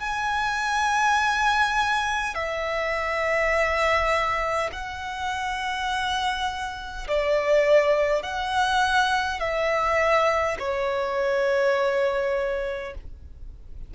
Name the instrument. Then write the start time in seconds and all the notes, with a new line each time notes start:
violin
0.00 G#5
2.35 E5
4.72 F#5
7.08 D5
8.22 F#5
9.40 E5
10.59 C#5